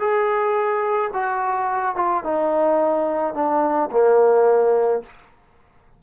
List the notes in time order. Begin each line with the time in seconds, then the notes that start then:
0.00 G#4
1.14 F#4
1.96 F4
2.24 D#4
3.35 D4
3.92 A#3